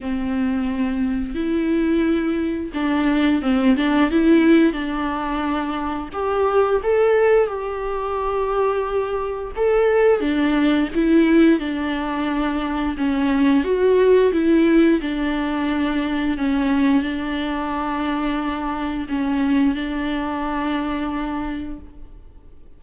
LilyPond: \new Staff \with { instrumentName = "viola" } { \time 4/4 \tempo 4 = 88 c'2 e'2 | d'4 c'8 d'8 e'4 d'4~ | d'4 g'4 a'4 g'4~ | g'2 a'4 d'4 |
e'4 d'2 cis'4 | fis'4 e'4 d'2 | cis'4 d'2. | cis'4 d'2. | }